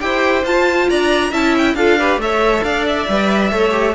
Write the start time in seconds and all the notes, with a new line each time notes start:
0.00 E4 G4 C5 G5
0.43 F4 A5
0.89 D4 D5 A#5
1.30 C#4 E4 E5 A5
1.57 G5
1.74 D4 F4 A4 F5
1.99 G4 B4
2.17 A3 A4 C#5 E5
2.63 D4 D5 F5
2.86 E5
3.08 G3 B4
3.51 A3 A4 C#5
3.71 G4